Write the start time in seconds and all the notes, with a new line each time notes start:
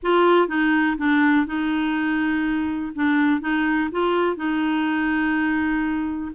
0.02 F4
0.48 D#4
0.97 D4
1.46 D#4
2.95 D4
3.40 D#4
3.91 F4
4.36 D#4